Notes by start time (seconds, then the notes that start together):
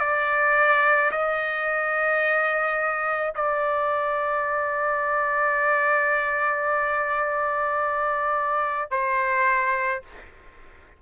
0.00 D5
1.11 D#5
3.35 D5
8.91 C5